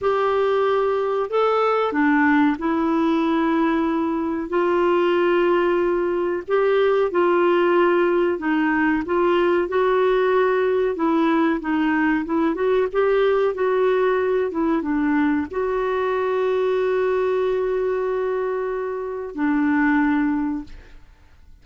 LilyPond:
\new Staff \with { instrumentName = "clarinet" } { \time 4/4 \tempo 4 = 93 g'2 a'4 d'4 | e'2. f'4~ | f'2 g'4 f'4~ | f'4 dis'4 f'4 fis'4~ |
fis'4 e'4 dis'4 e'8 fis'8 | g'4 fis'4. e'8 d'4 | fis'1~ | fis'2 d'2 | }